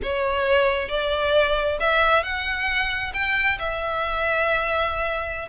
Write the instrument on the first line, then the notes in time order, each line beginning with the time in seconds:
violin
0.02 C#5
0.89 D5
1.80 E5
2.23 F#5
3.13 G5
3.58 E5